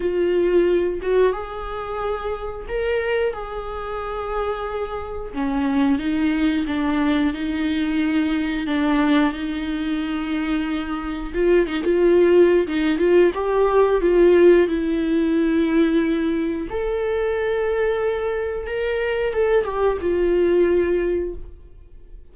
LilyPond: \new Staff \with { instrumentName = "viola" } { \time 4/4 \tempo 4 = 90 f'4. fis'8 gis'2 | ais'4 gis'2. | cis'4 dis'4 d'4 dis'4~ | dis'4 d'4 dis'2~ |
dis'4 f'8 dis'16 f'4~ f'16 dis'8 f'8 | g'4 f'4 e'2~ | e'4 a'2. | ais'4 a'8 g'8 f'2 | }